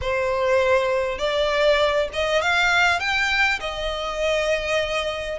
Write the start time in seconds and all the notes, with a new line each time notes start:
0.01 C5
1.18 D5
2.13 D#5
2.41 F5
2.99 G5
3.60 D#5